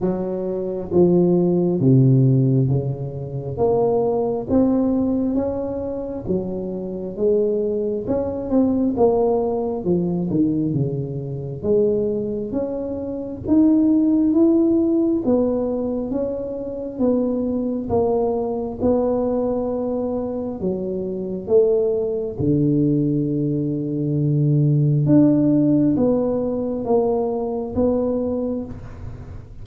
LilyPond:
\new Staff \with { instrumentName = "tuba" } { \time 4/4 \tempo 4 = 67 fis4 f4 c4 cis4 | ais4 c'4 cis'4 fis4 | gis4 cis'8 c'8 ais4 f8 dis8 | cis4 gis4 cis'4 dis'4 |
e'4 b4 cis'4 b4 | ais4 b2 fis4 | a4 d2. | d'4 b4 ais4 b4 | }